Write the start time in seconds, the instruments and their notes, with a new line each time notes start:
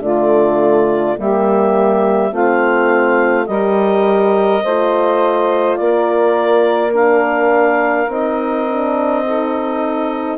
0.00 bassoon D3, horn A3, saxophone F4, clarinet D5
1.16 bassoon G3, horn A#3, saxophone G4, clarinet E5
2.31 bassoon A3, horn C4, saxophone F4, clarinet F5
3.47 bassoon G3, horn G4, saxophone A#4, clarinet D#5
4.64 bassoon A3, horn F4, saxophone C5
5.76 bassoon A#3, saxophone A#4, clarinet D5
6.93 horn D4, clarinet F5
8.08 bassoon C4, horn D#4, clarinet D#5
8.69 horn D4
9.25 horn D#4, saxophone A4